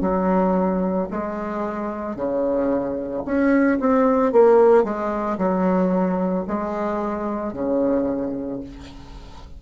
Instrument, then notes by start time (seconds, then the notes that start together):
bassoon
0.00 F#3
1.10 G#3
2.16 C#3
3.25 C#4
3.79 C4
4.31 A#3
4.84 G#3
5.37 F#3
6.47 G#3
7.52 C#3